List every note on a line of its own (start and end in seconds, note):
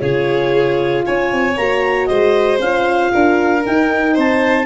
0.00 1.05 C#3
0.00 1.56 F4
0.00 1.05 G#4
0.00 1.03 C#5
1.05 1.32 C#4
1.05 2.08 C#5
1.05 1.57 G#5
1.32 1.57 C4
1.57 2.09 A#3
1.57 2.62 F#4
1.57 2.06 A#5
2.06 2.59 G#3
2.06 3.12 C5
2.06 2.58 D#5
2.59 3.11 C#4
2.59 3.62 F4
2.59 3.64 F5
3.12 3.66 D4
3.12 4.13 A#4
3.62 4.65 D#4
3.62 4.17 D#4
3.62 4.17 G5
4.13 4.66 C4
4.13 4.65 C5
4.13 4.66 A5